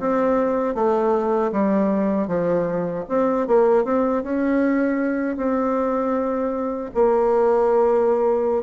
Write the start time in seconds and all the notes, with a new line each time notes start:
0.00 C4
0.75 A3
1.52 G3
2.28 F3
3.09 C4
3.48 A#3
3.85 C4
4.24 C#4
5.37 C4
6.95 A#3